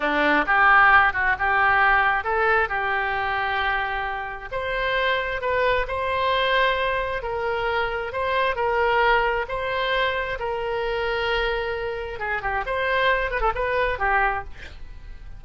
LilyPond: \new Staff \with { instrumentName = "oboe" } { \time 4/4 \tempo 4 = 133 d'4 g'4. fis'8 g'4~ | g'4 a'4 g'2~ | g'2 c''2 | b'4 c''2. |
ais'2 c''4 ais'4~ | ais'4 c''2 ais'4~ | ais'2. gis'8 g'8 | c''4. b'16 a'16 b'4 g'4 | }